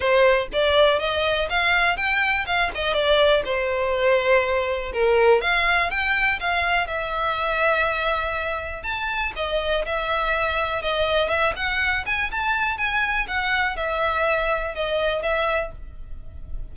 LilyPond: \new Staff \with { instrumentName = "violin" } { \time 4/4 \tempo 4 = 122 c''4 d''4 dis''4 f''4 | g''4 f''8 dis''8 d''4 c''4~ | c''2 ais'4 f''4 | g''4 f''4 e''2~ |
e''2 a''4 dis''4 | e''2 dis''4 e''8 fis''8~ | fis''8 gis''8 a''4 gis''4 fis''4 | e''2 dis''4 e''4 | }